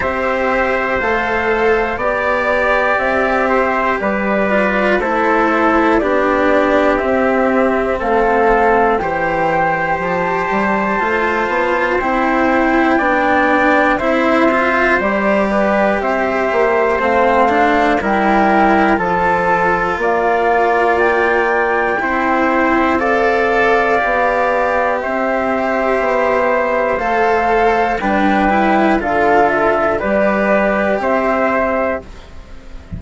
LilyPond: <<
  \new Staff \with { instrumentName = "flute" } { \time 4/4 \tempo 4 = 60 e''4 f''4 d''4 e''4 | d''4 c''4 d''4 e''4 | f''4 g''4 a''2 | g''2 e''4 d''4 |
e''4 f''4 g''4 a''4 | f''4 g''2 f''4~ | f''4 e''2 f''4 | g''4 f''8 e''8 d''4 e''4 | }
  \new Staff \with { instrumentName = "trumpet" } { \time 4/4 c''2 d''4. c''8 | b'4 a'4 g'2 | a'4 c''2.~ | c''4 d''4 c''4. b'8 |
c''2 ais'4 a'4 | d''2 c''4 d''4~ | d''4 c''2. | b'4 a'4 b'4 c''4 | }
  \new Staff \with { instrumentName = "cello" } { \time 4/4 g'4 a'4 g'2~ | g'8 f'8 e'4 d'4 c'4~ | c'4 g'2 f'4 | e'4 d'4 e'8 f'8 g'4~ |
g'4 c'8 d'8 e'4 f'4~ | f'2 e'4 a'4 | g'2. a'4 | d'8 e'8 f'4 g'2 | }
  \new Staff \with { instrumentName = "bassoon" } { \time 4/4 c'4 a4 b4 c'4 | g4 a4 b4 c'4 | a4 e4 f8 g8 a8 b8 | c'4 b4 c'4 g4 |
c'8 ais8 a4 g4 f4 | ais2 c'2 | b4 c'4 b4 a4 | g4 d4 g4 c'4 | }
>>